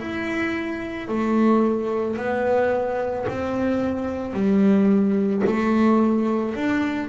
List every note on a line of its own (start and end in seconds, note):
0.00 1.08 E4
1.08 2.17 A3
2.17 3.26 B3
3.29 4.33 C4
4.33 5.42 G3
5.46 6.56 A3
6.56 7.09 D4